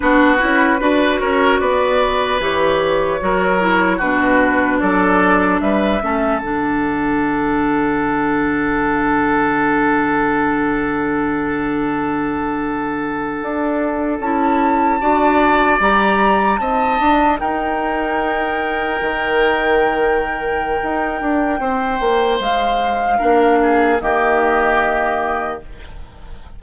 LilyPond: <<
  \new Staff \with { instrumentName = "flute" } { \time 4/4 \tempo 4 = 75 b'4. cis''8 d''4 cis''4~ | cis''4 b'4 d''4 e''4 | fis''1~ | fis''1~ |
fis''4.~ fis''16 a''2 ais''16~ | ais''8. a''4 g''2~ g''16~ | g''1 | f''2 dis''2 | }
  \new Staff \with { instrumentName = "oboe" } { \time 4/4 fis'4 b'8 ais'8 b'2 | ais'4 fis'4 a'4 b'8 a'8~ | a'1~ | a'1~ |
a'2~ a'8. d''4~ d''16~ | d''8. dis''4 ais'2~ ais'16~ | ais'2. c''4~ | c''4 ais'8 gis'8 g'2 | }
  \new Staff \with { instrumentName = "clarinet" } { \time 4/4 d'8 e'8 fis'2 g'4 | fis'8 e'8 d'2~ d'8 cis'8 | d'1~ | d'1~ |
d'4.~ d'16 e'4 fis'4 g'16~ | g'8. dis'2.~ dis'16~ | dis'1~ | dis'4 d'4 ais2 | }
  \new Staff \with { instrumentName = "bassoon" } { \time 4/4 b8 cis'8 d'8 cis'8 b4 e4 | fis4 b,4 fis4 g8 a8 | d1~ | d1~ |
d8. d'4 cis'4 d'4 g16~ | g8. c'8 d'8 dis'2 dis16~ | dis2 dis'8 d'8 c'8 ais8 | gis4 ais4 dis2 | }
>>